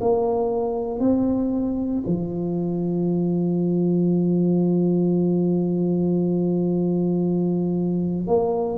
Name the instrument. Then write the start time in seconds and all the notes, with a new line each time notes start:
tuba
0.00 A#3
0.99 C4
2.06 F3
8.27 A#3